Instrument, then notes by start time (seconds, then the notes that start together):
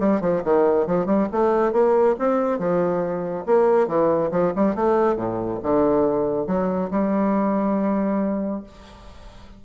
bassoon
0.00 G3
0.21 F3
0.44 D#3
0.87 F3
1.07 G3
1.32 A3
1.73 A#3
2.19 C4
2.59 F3
3.46 A#3
3.88 E3
4.32 F3
4.56 G3
4.76 A3
5.17 A2
5.63 D3
6.47 F#3
6.91 G3